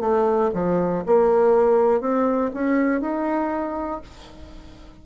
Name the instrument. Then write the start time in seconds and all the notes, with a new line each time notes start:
bassoon
0.00 A3
0.54 F3
1.06 A#3
2.00 C4
2.53 C#4
3.01 D#4